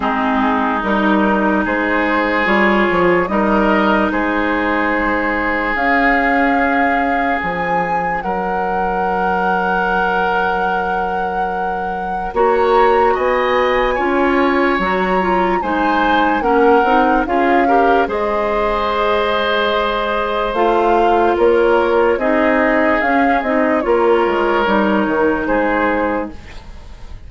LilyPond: <<
  \new Staff \with { instrumentName = "flute" } { \time 4/4 \tempo 4 = 73 gis'4 ais'4 c''4 cis''4 | dis''4 c''2 f''4~ | f''4 gis''4 fis''2~ | fis''2. ais''4 |
gis''2 ais''4 gis''4 | fis''4 f''4 dis''2~ | dis''4 f''4 cis''4 dis''4 | f''8 dis''8 cis''2 c''4 | }
  \new Staff \with { instrumentName = "oboe" } { \time 4/4 dis'2 gis'2 | ais'4 gis'2.~ | gis'2 ais'2~ | ais'2. cis''4 |
dis''4 cis''2 c''4 | ais'4 gis'8 ais'8 c''2~ | c''2 ais'4 gis'4~ | gis'4 ais'2 gis'4 | }
  \new Staff \with { instrumentName = "clarinet" } { \time 4/4 c'4 dis'2 f'4 | dis'2. cis'4~ | cis'1~ | cis'2. fis'4~ |
fis'4 f'4 fis'8 f'8 dis'4 | cis'8 dis'8 f'8 g'8 gis'2~ | gis'4 f'2 dis'4 | cis'8 dis'8 f'4 dis'2 | }
  \new Staff \with { instrumentName = "bassoon" } { \time 4/4 gis4 g4 gis4 g8 f8 | g4 gis2 cis'4~ | cis'4 f4 fis2~ | fis2. ais4 |
b4 cis'4 fis4 gis4 | ais8 c'8 cis'4 gis2~ | gis4 a4 ais4 c'4 | cis'8 c'8 ais8 gis8 g8 dis8 gis4 | }
>>